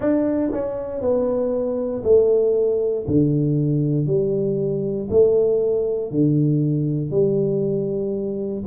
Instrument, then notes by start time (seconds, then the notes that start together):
tuba
0.00 D4
0.51 C#4
1.01 B3
2.03 A3
3.07 D3
4.06 G3
5.09 A3
6.11 D3
7.10 G3